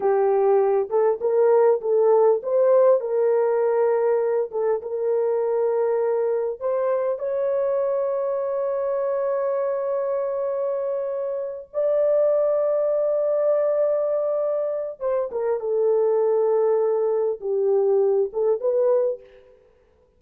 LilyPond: \new Staff \with { instrumentName = "horn" } { \time 4/4 \tempo 4 = 100 g'4. a'8 ais'4 a'4 | c''4 ais'2~ ais'8 a'8 | ais'2. c''4 | cis''1~ |
cis''2.~ cis''8 d''8~ | d''1~ | d''4 c''8 ais'8 a'2~ | a'4 g'4. a'8 b'4 | }